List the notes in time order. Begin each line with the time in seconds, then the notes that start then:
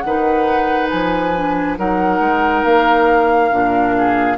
0.00 D#3 F#5
0.06 D#4 B4
0.90 F3 G#5
1.36 D4
1.78 F#3 D#4 A#4 F#5
2.21 G#3
2.65 A#3 F5
3.51 A#2 D4
3.98 G#4